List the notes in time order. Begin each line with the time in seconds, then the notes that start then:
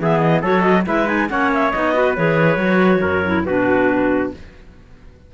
0.00 E3 B3 G#4 E5
0.19 D#5
0.41 F#3 F#4 A4 C#5
0.61 D#5
0.86 G#3 E4 B4 E5
1.06 D#4 G#5
1.29 A#3 C#4 C#5 F#5
1.54 E5
1.71 B3 D#4 D#5
1.94 F#4 B4
2.16 E3 G#4 C#5
2.57 F#3 F#4
3.01 F#2 A#4
3.26 E4
3.45 B2 D4 F#4 B4